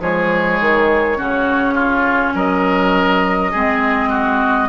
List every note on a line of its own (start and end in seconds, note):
0.00 0.59 F3
0.00 1.16 G#3
0.00 1.17 G#4
0.00 2.36 C#5
0.60 1.18 D#3
1.16 2.34 C#3
1.16 3.52 C#4
1.16 1.74 F#4
1.74 2.33 F4
2.34 3.51 F#3
2.34 3.51 A#4
2.34 4.68 D#5
3.51 4.68 G#3
3.51 4.68 C4
3.51 4.09 G#4
4.09 4.67 F#4